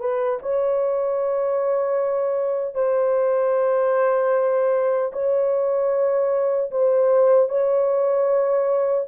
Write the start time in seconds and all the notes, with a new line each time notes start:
0.00 B4
0.42 C#5
2.75 C5
5.13 C#5
6.71 C5
7.49 C#5